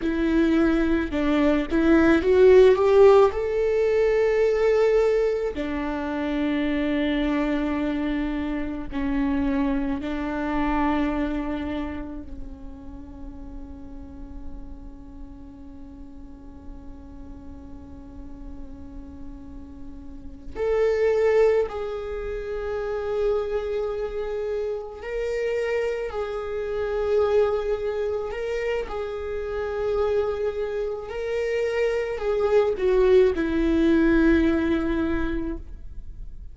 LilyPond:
\new Staff \with { instrumentName = "viola" } { \time 4/4 \tempo 4 = 54 e'4 d'8 e'8 fis'8 g'8 a'4~ | a'4 d'2. | cis'4 d'2 cis'4~ | cis'1~ |
cis'2~ cis'8 a'4 gis'8~ | gis'2~ gis'8 ais'4 gis'8~ | gis'4. ais'8 gis'2 | ais'4 gis'8 fis'8 e'2 | }